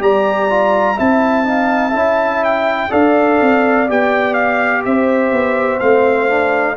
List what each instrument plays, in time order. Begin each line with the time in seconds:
0.00 tuba G3, trombone G4, horn D5, trumpet A#5
0.50 trombone F4
0.97 tuba C4, trombone E4, horn E5, trumpet A5
1.44 trombone D#4, horn F5
1.91 tuba C#4, trombone E4, horn E5
2.45 trumpet G5
2.90 tuba D4, trombone A4, horn D5, trumpet F5
3.41 tuba C4
3.89 tuba B3, trombone G4, trumpet G5
4.34 trumpet F5
4.85 tuba C4, horn C5, trumpet E5
5.33 tuba B3
5.80 tuba A3, trombone C4, trumpet F5
6.29 trombone D4